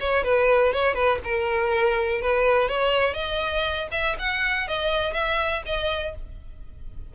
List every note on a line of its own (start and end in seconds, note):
0.00 0.24 C#5
0.24 0.73 B4
0.73 0.94 C#5
0.94 1.19 B4
1.24 2.21 A#4
2.21 2.69 B4
2.69 3.14 C#5
3.14 3.88 D#5
3.91 4.16 E5
4.19 4.68 F#5
4.68 5.13 D#5
5.13 5.63 E5
5.66 6.15 D#5